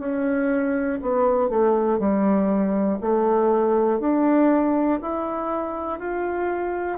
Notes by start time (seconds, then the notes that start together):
0.00 C#4
1.02 B3
1.50 A3
2.00 G3
3.01 A3
4.00 D4
5.02 E4
6.00 F4